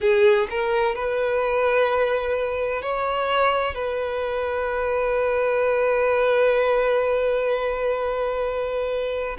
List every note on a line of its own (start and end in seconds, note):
0.00 0.47 G#4
0.49 0.95 A#4
0.95 2.82 B4
2.82 3.74 C#5
3.74 9.37 B4